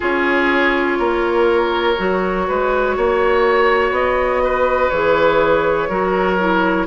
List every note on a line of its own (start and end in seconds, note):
0.00 0.99 C#4
0.00 1.97 F4
0.00 0.98 G#4
0.00 3.93 C#5
0.99 1.97 A#3
0.99 2.47 A#4
1.97 2.48 F#3
1.97 4.92 F#4
2.47 2.96 G#3
2.47 2.96 B4
2.96 3.91 A#3
2.96 4.43 C#5
3.91 4.89 B3
3.91 4.89 D#5
4.43 5.89 B4
4.89 5.88 E3
4.89 5.89 G#4
4.89 6.86 C#5
5.88 6.86 F#3
5.88 6.38 F#4
5.88 6.86 A#4
6.38 6.86 E4